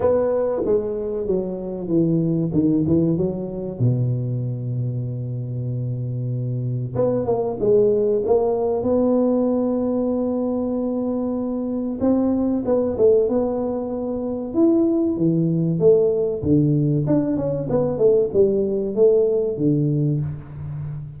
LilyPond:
\new Staff \with { instrumentName = "tuba" } { \time 4/4 \tempo 4 = 95 b4 gis4 fis4 e4 | dis8 e8 fis4 b,2~ | b,2. b8 ais8 | gis4 ais4 b2~ |
b2. c'4 | b8 a8 b2 e'4 | e4 a4 d4 d'8 cis'8 | b8 a8 g4 a4 d4 | }